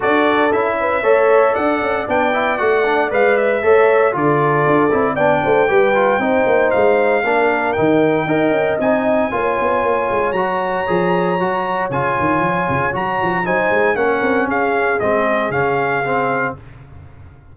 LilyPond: <<
  \new Staff \with { instrumentName = "trumpet" } { \time 4/4 \tempo 4 = 116 d''4 e''2 fis''4 | g''4 fis''4 f''8 e''4. | d''2 g''2~ | g''4 f''2 g''4~ |
g''4 gis''2. | ais''2. gis''4~ | gis''4 ais''4 gis''4 fis''4 | f''4 dis''4 f''2 | }
  \new Staff \with { instrumentName = "horn" } { \time 4/4 a'4. b'8 cis''4 d''4~ | d''2. cis''4 | a'2 d''8 c''8 b'4 | c''2 ais'2 |
dis''2 cis''2~ | cis''1~ | cis''2 c''4 ais'4 | gis'1 | }
  \new Staff \with { instrumentName = "trombone" } { \time 4/4 fis'4 e'4 a'2 | d'8 e'8 fis'8 d'8 b'4 a'4 | f'4. e'8 d'4 g'8 f'8 | dis'2 d'4 dis'4 |
ais'4 dis'4 f'2 | fis'4 gis'4 fis'4 f'4~ | f'4 fis'4 dis'4 cis'4~ | cis'4 c'4 cis'4 c'4 | }
  \new Staff \with { instrumentName = "tuba" } { \time 4/4 d'4 cis'4 a4 d'8 cis'8 | b4 a4 gis4 a4 | d4 d'8 c'8 b8 a8 g4 | c'8 ais8 gis4 ais4 dis4 |
dis'8 cis'8 c'4 ais8 b8 ais8 gis8 | fis4 f4 fis4 cis8 dis8 | f8 cis8 fis8 f8 fis8 gis8 ais8 c'8 | cis'4 gis4 cis2 | }
>>